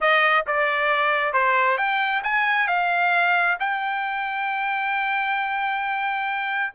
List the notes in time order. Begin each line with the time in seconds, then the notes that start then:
0.00 D#5
0.46 D5
1.33 C5
1.77 G5
2.23 G#5
2.67 F5
3.59 G5